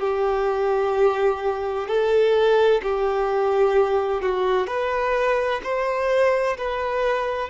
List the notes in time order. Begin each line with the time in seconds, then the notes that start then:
0.00 G4
1.87 A4
2.82 G4
4.21 F#4
4.67 B4
5.63 C5
6.57 B4